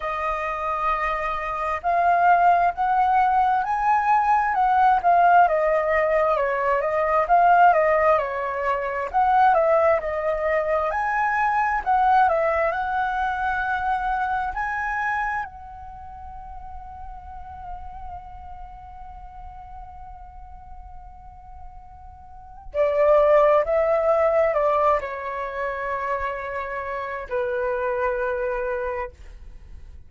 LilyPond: \new Staff \with { instrumentName = "flute" } { \time 4/4 \tempo 4 = 66 dis''2 f''4 fis''4 | gis''4 fis''8 f''8 dis''4 cis''8 dis''8 | f''8 dis''8 cis''4 fis''8 e''8 dis''4 | gis''4 fis''8 e''8 fis''2 |
gis''4 fis''2.~ | fis''1~ | fis''4 d''4 e''4 d''8 cis''8~ | cis''2 b'2 | }